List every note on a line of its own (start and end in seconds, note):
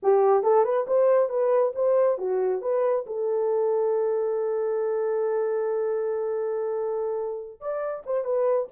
0.02 0.43 G4
0.43 0.64 A4
0.64 0.86 B4
0.87 1.29 C5
1.29 1.72 B4
1.75 2.18 C5
2.18 2.61 F#4
2.61 3.05 B4
3.06 7.60 A4
7.60 8.03 D5
8.06 8.24 C5
8.24 8.67 B4